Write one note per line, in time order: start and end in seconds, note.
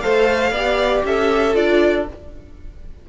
0.00 0.50 A3
0.00 0.53 A4
0.00 0.51 C5
0.00 1.03 F5
0.50 1.02 B3
0.50 1.53 G4
0.50 1.02 D5
1.04 1.55 C#4
1.04 2.09 A4
1.04 1.55 E5
1.53 2.07 D4
1.53 2.04 F4
1.53 2.06 D5